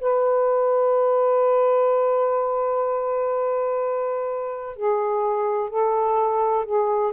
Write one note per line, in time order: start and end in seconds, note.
0.00 4.76 B4
4.76 5.69 G#4
5.69 6.65 A4
6.65 7.12 G#4